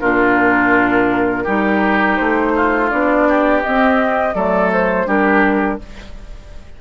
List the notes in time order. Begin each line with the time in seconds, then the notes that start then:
0.00 A#2 D4 F4 A#4
1.44 G3 D#4 G4
2.16 A3 C5
2.56 F4
2.90 B3 D4 D5
3.28 G4
3.62 C4 D#5
4.34 F#3 A3 A4 D5
4.73 C5
5.06 G3 D4 G4 A#4